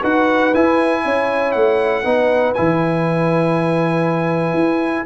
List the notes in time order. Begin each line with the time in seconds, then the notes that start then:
0.00 D#4 F#4 B4 F#5
0.54 E4 G#5
1.05 C#4 C#5
1.52 A3 F#5
2.04 B3 D#4 B4
2.54 E3 E4 G#5
4.54 E4